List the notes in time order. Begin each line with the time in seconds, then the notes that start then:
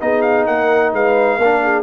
0.00 B3 D#4 G#4 D#5
0.22 F5
0.46 A#3 A#4 F#5
0.92 G#3 B4 F5
1.37 A#3 D4 A#4
1.63 G#4